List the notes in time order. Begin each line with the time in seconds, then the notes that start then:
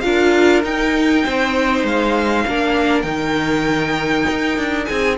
0.00 D4 F4 A#4 F5
0.64 D#4 G5
1.24 C4 C5
1.84 G#3 F5
2.46 A#3 D4 A#4
3.02 D#3 D#4 G5
4.30 D#4
4.57 D4
4.85 C4 G#4 G#5